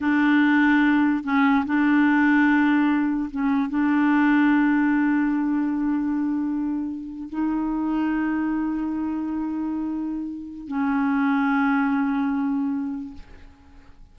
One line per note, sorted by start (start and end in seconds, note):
0.01 1.23 D4
1.23 1.64 C#4
1.65 3.30 D4
3.30 3.69 C#4
3.69 7.29 D4
7.29 10.67 D#4
10.67 13.14 C#4